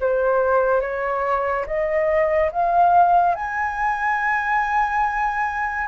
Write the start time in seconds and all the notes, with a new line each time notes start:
0.00 C5
0.80 C#5
1.66 D#5
2.51 F5
3.35 G#5